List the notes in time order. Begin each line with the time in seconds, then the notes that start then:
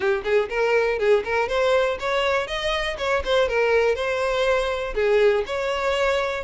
0.00 G4
0.24 G#4
0.49 A#4
0.98 G#4
1.24 A#4
1.48 C5
1.99 C#5
2.47 D#5
2.98 C#5
3.24 C5
3.48 A#4
3.95 C5
4.95 G#4
5.46 C#5